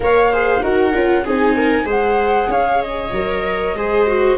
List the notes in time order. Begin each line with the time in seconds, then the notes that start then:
0.00 A#3 A#4 C#5 F5
0.32 G#4 C5
0.61 D#4 F#4 A#4 F#5
0.93 C#4 F4
1.24 C4 D#4 G#4 G#5
1.56 A#4
1.84 G#3 G#4 C5 F#5
2.48 C#4 C#5 F5
2.82 D#5
3.12 F#3 A#4
3.73 G#3 G#4 C5
4.07 F#4